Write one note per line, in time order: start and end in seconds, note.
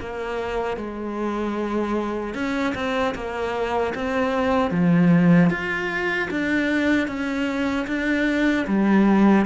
0.00 0.77 A#3
0.77 2.35 G#3
2.35 2.74 C#4
2.75 3.14 C4
3.15 3.94 A#3
3.95 4.71 C4
4.71 5.50 F3
5.50 6.29 F4
6.30 7.07 D4
7.07 7.86 C#4
7.87 8.66 D4
8.67 9.46 G3